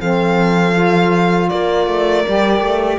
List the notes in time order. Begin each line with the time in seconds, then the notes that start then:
0.00 F3 C4 A4 F5
0.73 F4
1.49 A#3 A#4 D5
1.87 A3
2.26 G3 G4
2.60 A3